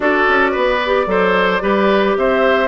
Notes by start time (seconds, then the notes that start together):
0.00 D4 F#4 A4 D5
0.28 C#4
0.51 B3 B4
0.85 G4
1.06 F#3 A4 C5
1.60 G3 G4 B4
2.16 C4 C5 E5